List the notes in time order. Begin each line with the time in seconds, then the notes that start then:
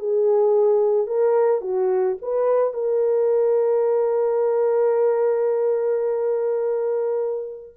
0.00 G#4
1.08 A#4
1.62 F#4
2.22 B4
2.74 A#4